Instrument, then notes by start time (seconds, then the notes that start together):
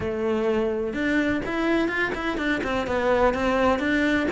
cello
0.00 A3
0.93 D4
1.45 E4
1.88 F4
2.14 E4
2.37 D4
2.63 C4
2.87 B3
3.33 C4
3.79 D4